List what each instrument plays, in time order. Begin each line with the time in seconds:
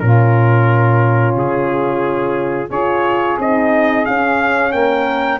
0.00 tuba A#2, horn C#4, saxophone F4, trumpet A#4
1.36 tuba C#3, trumpet G#4
2.69 tuba C#4, horn F4, saxophone G#4, trumpet C#5
3.38 tuba C4, horn D#4, trumpet D#5
4.05 horn C#4, tuba C#4, trumpet F5
4.72 tuba A#3, saxophone A#4, trumpet G5